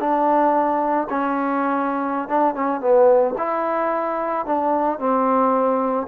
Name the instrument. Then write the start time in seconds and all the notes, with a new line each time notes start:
trombone
0.00 D4
1.10 C#4
2.29 D4
2.55 C#4
2.81 B3
3.38 E4
4.46 D4
4.99 C4